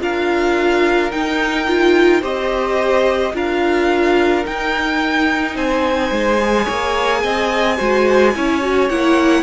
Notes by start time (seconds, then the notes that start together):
0.00 D4 F4 A#4 F5
1.11 D#4 G5
1.67 F4
2.22 C4 G4 C5 D#5
3.34 D4 F4 A#4 F5
4.44 D#4 G5
5.55 C4 C5 G#5
6.11 G#3
6.42 G#4
6.65 A#3 C#5
7.24 C4 D#5
7.77 G#3 F#4 C5
8.36 C#4 E4 C#5
8.62 F#4
8.90 A#3 E4 F#5